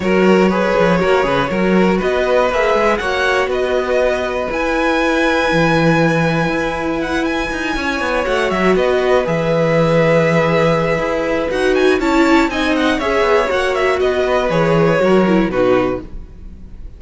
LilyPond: <<
  \new Staff \with { instrumentName = "violin" } { \time 4/4 \tempo 4 = 120 cis''1 | dis''4 e''4 fis''4 dis''4~ | dis''4 gis''2.~ | gis''2 fis''8 gis''4.~ |
gis''8 fis''8 e''8 dis''4 e''4.~ | e''2. fis''8 gis''8 | a''4 gis''8 fis''8 e''4 fis''8 e''8 | dis''4 cis''2 b'4 | }
  \new Staff \with { instrumentName = "violin" } { \time 4/4 ais'4 b'4 ais'8 b'8 ais'4 | b'2 cis''4 b'4~ | b'1~ | b'2.~ b'8 cis''8~ |
cis''4. b'2~ b'8~ | b'1 | cis''4 dis''4 cis''2 | b'2 ais'4 fis'4 | }
  \new Staff \with { instrumentName = "viola" } { \time 4/4 fis'4 gis'4 fis'8 gis'8 fis'4~ | fis'4 gis'4 fis'2~ | fis'4 e'2.~ | e'1~ |
e'8 fis'2 gis'4.~ | gis'2. fis'4 | e'4 dis'4 gis'4 fis'4~ | fis'4 gis'4 fis'8 e'8 dis'4 | }
  \new Staff \with { instrumentName = "cello" } { \time 4/4 fis4. f8 ais8 cis8 fis4 | b4 ais8 gis8 ais4 b4~ | b4 e'2 e4~ | e4 e'2 dis'8 cis'8 |
b8 a8 fis8 b4 e4.~ | e2 e'4 dis'4 | cis'4 c'4 cis'8 b8 ais4 | b4 e4 fis4 b,4 | }
>>